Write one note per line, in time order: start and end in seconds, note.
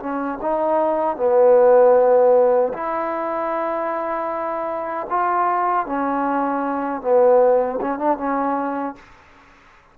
0.00 0.39 C#4
0.42 1.17 D#4
1.17 2.73 B3
2.73 5.07 E4
5.10 5.87 F4
5.87 7.02 C#4
7.02 7.80 B3
7.81 7.99 C#4
7.99 8.18 D4
8.18 8.96 C#4